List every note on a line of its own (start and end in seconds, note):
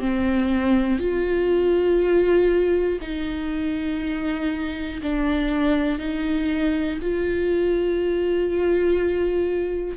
0.00 0.99 C4
0.99 2.99 F4
3.01 5.01 D#4
5.02 5.99 D4
5.99 6.99 D#4
7.02 9.97 F4